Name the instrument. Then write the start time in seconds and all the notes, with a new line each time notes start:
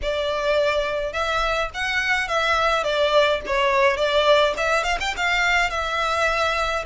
violin
0.02 D5
1.12 E5
1.74 F#5
2.28 E5
2.83 D5
3.46 C#5
3.96 D5
4.57 E5
4.83 F5
4.99 G5
5.17 F5
5.70 E5